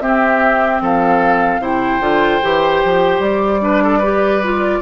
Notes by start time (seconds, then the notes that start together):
0.00 C4 G4 E5
0.81 F3 A4 F5
1.59 C3 E4 C5 G5
2.00 D3 F4
2.42 E3 G4
2.84 F3
3.19 G3 D5
3.61 D4 B4
3.83 A4
3.98 G4 B4
4.43 F4